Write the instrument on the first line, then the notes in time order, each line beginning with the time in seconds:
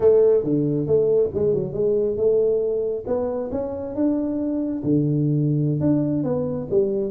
tuba
0.00 A3
0.43 D3
0.86 A3
1.34 G#3
1.54 F#3
1.73 G#3
2.16 A3
3.07 B3
3.51 C#4
3.95 D4
4.83 D3
5.80 D4
6.23 B3
6.70 G3